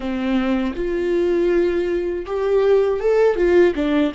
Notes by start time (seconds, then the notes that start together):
0.00 C4
0.75 F4
2.26 G4
3.00 A4
3.36 F4
3.75 D4